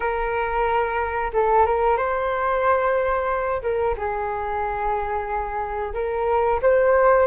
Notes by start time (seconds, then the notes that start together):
0.00 A#4
1.33 A4
1.65 A#4
1.97 C5
3.62 A#4
3.97 G#4
5.94 A#4
6.61 C5